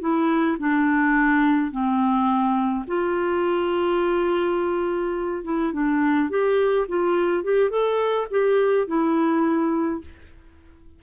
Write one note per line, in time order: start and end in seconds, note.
0.00 0.57 E4
0.59 1.71 D4
1.71 2.85 C4
2.87 5.44 F4
5.44 5.72 E4
5.73 6.30 D4
6.30 6.87 G4
6.88 7.44 F4
7.44 7.70 G4
7.70 8.27 A4
8.30 8.87 G4
8.87 10.01 E4